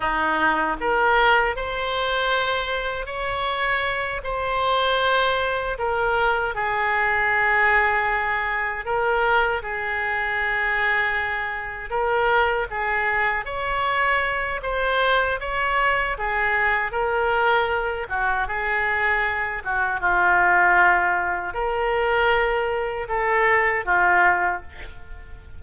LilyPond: \new Staff \with { instrumentName = "oboe" } { \time 4/4 \tempo 4 = 78 dis'4 ais'4 c''2 | cis''4. c''2 ais'8~ | ais'8 gis'2. ais'8~ | ais'8 gis'2. ais'8~ |
ais'8 gis'4 cis''4. c''4 | cis''4 gis'4 ais'4. fis'8 | gis'4. fis'8 f'2 | ais'2 a'4 f'4 | }